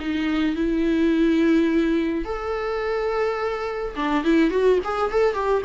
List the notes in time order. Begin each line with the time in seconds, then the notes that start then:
0.00 D#4
0.56 E4
2.25 A4
3.96 D4
4.24 E4
4.51 F#4
4.84 G#4
5.11 A4
5.34 G4